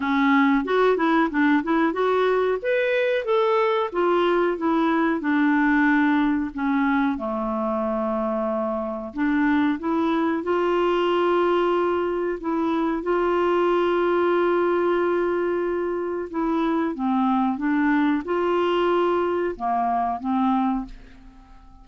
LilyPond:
\new Staff \with { instrumentName = "clarinet" } { \time 4/4 \tempo 4 = 92 cis'4 fis'8 e'8 d'8 e'8 fis'4 | b'4 a'4 f'4 e'4 | d'2 cis'4 a4~ | a2 d'4 e'4 |
f'2. e'4 | f'1~ | f'4 e'4 c'4 d'4 | f'2 ais4 c'4 | }